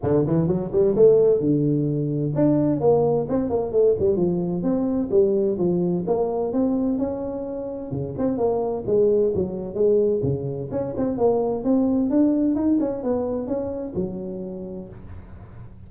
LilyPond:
\new Staff \with { instrumentName = "tuba" } { \time 4/4 \tempo 4 = 129 d8 e8 fis8 g8 a4 d4~ | d4 d'4 ais4 c'8 ais8 | a8 g8 f4 c'4 g4 | f4 ais4 c'4 cis'4~ |
cis'4 cis8 c'8 ais4 gis4 | fis4 gis4 cis4 cis'8 c'8 | ais4 c'4 d'4 dis'8 cis'8 | b4 cis'4 fis2 | }